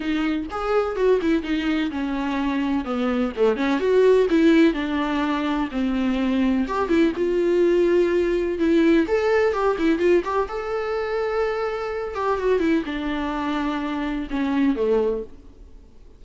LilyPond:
\new Staff \with { instrumentName = "viola" } { \time 4/4 \tempo 4 = 126 dis'4 gis'4 fis'8 e'8 dis'4 | cis'2 b4 a8 cis'8 | fis'4 e'4 d'2 | c'2 g'8 e'8 f'4~ |
f'2 e'4 a'4 | g'8 e'8 f'8 g'8 a'2~ | a'4. g'8 fis'8 e'8 d'4~ | d'2 cis'4 a4 | }